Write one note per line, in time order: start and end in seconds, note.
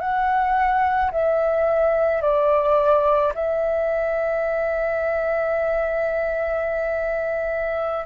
0.00 1.11 F#5
1.12 2.22 E5
2.22 3.33 D5
3.34 8.06 E5